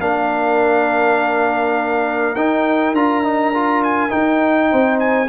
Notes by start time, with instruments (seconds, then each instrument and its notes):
0.00 tuba A#3, trombone D4, horn A#4, trumpet F5
2.35 tuba D#4, trombone D#4, trumpet G5
2.92 tuba D4, trombone F4, trumpet A#5
3.23 trombone D#4
3.54 trombone F4
3.83 trumpet G#5
4.10 trombone D#4, tuba D#4, trumpet G5
4.70 tuba C4, horn C5
4.99 trumpet G#5